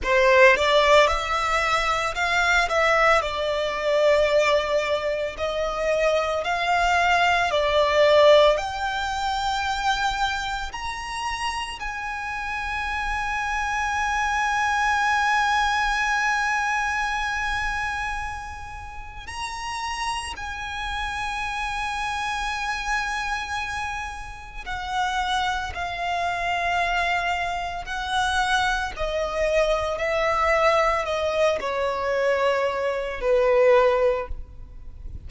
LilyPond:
\new Staff \with { instrumentName = "violin" } { \time 4/4 \tempo 4 = 56 c''8 d''8 e''4 f''8 e''8 d''4~ | d''4 dis''4 f''4 d''4 | g''2 ais''4 gis''4~ | gis''1~ |
gis''2 ais''4 gis''4~ | gis''2. fis''4 | f''2 fis''4 dis''4 | e''4 dis''8 cis''4. b'4 | }